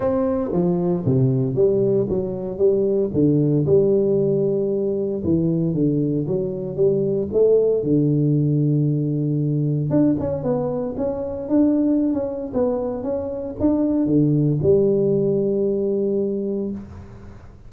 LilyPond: \new Staff \with { instrumentName = "tuba" } { \time 4/4 \tempo 4 = 115 c'4 f4 c4 g4 | fis4 g4 d4 g4~ | g2 e4 d4 | fis4 g4 a4 d4~ |
d2. d'8 cis'8 | b4 cis'4 d'4~ d'16 cis'8. | b4 cis'4 d'4 d4 | g1 | }